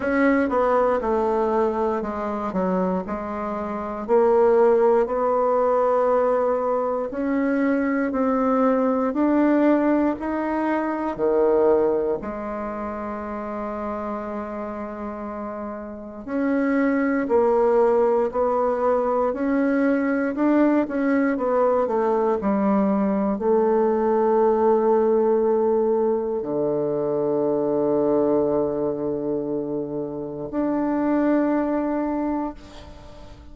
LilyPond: \new Staff \with { instrumentName = "bassoon" } { \time 4/4 \tempo 4 = 59 cis'8 b8 a4 gis8 fis8 gis4 | ais4 b2 cis'4 | c'4 d'4 dis'4 dis4 | gis1 |
cis'4 ais4 b4 cis'4 | d'8 cis'8 b8 a8 g4 a4~ | a2 d2~ | d2 d'2 | }